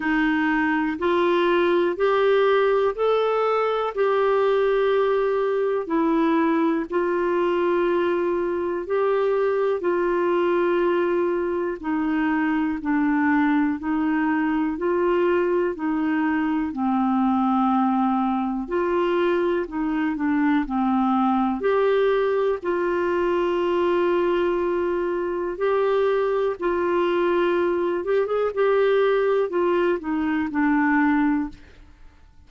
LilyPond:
\new Staff \with { instrumentName = "clarinet" } { \time 4/4 \tempo 4 = 61 dis'4 f'4 g'4 a'4 | g'2 e'4 f'4~ | f'4 g'4 f'2 | dis'4 d'4 dis'4 f'4 |
dis'4 c'2 f'4 | dis'8 d'8 c'4 g'4 f'4~ | f'2 g'4 f'4~ | f'8 g'16 gis'16 g'4 f'8 dis'8 d'4 | }